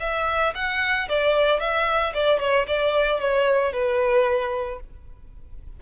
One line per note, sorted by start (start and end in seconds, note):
0.00 0.54 E5
0.55 1.08 F#5
1.09 1.60 D5
1.60 2.13 E5
2.14 2.40 D5
2.40 2.66 C#5
2.67 3.20 D5
3.20 3.73 C#5
3.73 4.80 B4